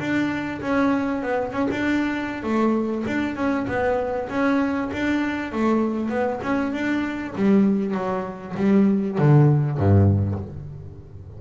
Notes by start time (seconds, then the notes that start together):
0.00 D4
0.62 C#4
1.23 B3
1.53 C#4
1.71 D4
2.44 A3
3.08 D4
3.36 C#4
3.68 B3
4.30 C#4
4.93 D4
5.53 A3
6.10 B3
6.43 C#4
6.73 D4
7.36 G3
7.95 F#3
8.57 G3
9.19 D3
9.78 G2